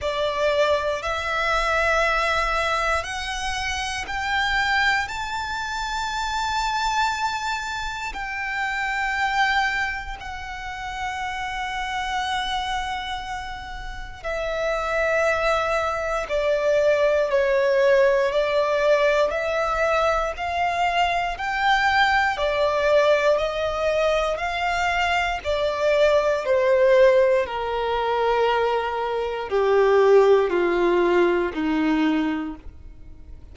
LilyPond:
\new Staff \with { instrumentName = "violin" } { \time 4/4 \tempo 4 = 59 d''4 e''2 fis''4 | g''4 a''2. | g''2 fis''2~ | fis''2 e''2 |
d''4 cis''4 d''4 e''4 | f''4 g''4 d''4 dis''4 | f''4 d''4 c''4 ais'4~ | ais'4 g'4 f'4 dis'4 | }